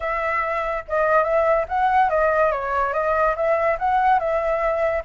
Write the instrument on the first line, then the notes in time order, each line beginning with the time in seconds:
flute
0.00 E5
0.88 D#5
1.23 E5
1.68 F#5
2.09 D#5
2.51 C#5
2.93 D#5
3.35 E5
3.79 F#5
4.19 E5